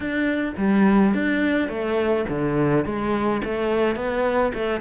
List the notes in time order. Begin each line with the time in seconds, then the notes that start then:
0.00 D4
0.57 G3
1.13 D4
1.68 A3
2.28 D3
2.85 G#3
3.44 A3
3.95 B3
4.54 A3